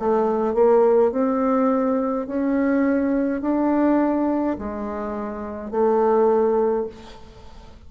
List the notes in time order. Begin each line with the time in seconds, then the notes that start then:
0.00 A3
0.55 A#3
1.12 C4
2.27 C#4
3.42 D4
4.59 G#3
5.71 A3